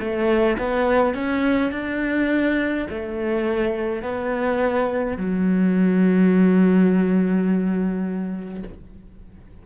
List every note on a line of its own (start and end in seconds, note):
0.00 0.58 A3
0.58 1.14 B3
1.14 1.72 C#4
1.72 2.87 D4
2.91 4.02 A3
4.02 5.17 B3
5.17 8.63 F#3